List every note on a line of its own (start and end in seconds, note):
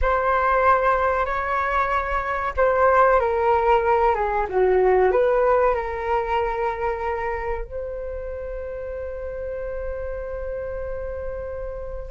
0.01 1.25 C5
1.25 2.53 C#5
2.56 3.19 C5
3.19 4.14 A#4
4.14 4.46 G#4
4.49 5.11 F#4
5.11 5.74 B4
5.74 7.65 A#4
7.65 12.10 C5